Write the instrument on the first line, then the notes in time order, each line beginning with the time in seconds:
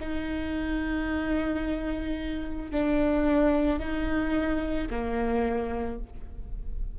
viola
0.00 D#4
2.72 D4
3.79 D#4
4.90 A#3